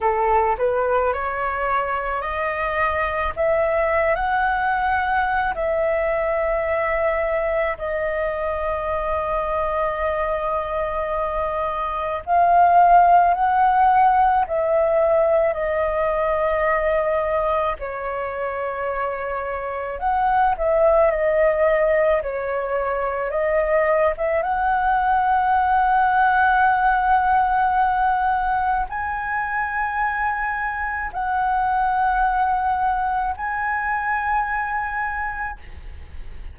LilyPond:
\new Staff \with { instrumentName = "flute" } { \time 4/4 \tempo 4 = 54 a'8 b'8 cis''4 dis''4 e''8. fis''16~ | fis''4 e''2 dis''4~ | dis''2. f''4 | fis''4 e''4 dis''2 |
cis''2 fis''8 e''8 dis''4 | cis''4 dis''8. e''16 fis''2~ | fis''2 gis''2 | fis''2 gis''2 | }